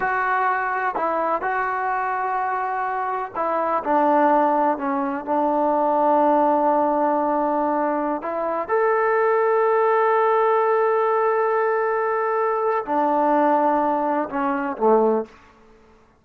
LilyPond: \new Staff \with { instrumentName = "trombone" } { \time 4/4 \tempo 4 = 126 fis'2 e'4 fis'4~ | fis'2. e'4 | d'2 cis'4 d'4~ | d'1~ |
d'4~ d'16 e'4 a'4.~ a'16~ | a'1~ | a'2. d'4~ | d'2 cis'4 a4 | }